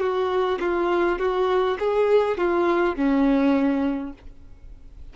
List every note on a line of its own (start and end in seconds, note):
0.00 0.59 F#4
0.60 1.19 F4
1.19 1.78 F#4
1.80 2.38 G#4
2.38 2.96 F4
2.96 4.13 C#4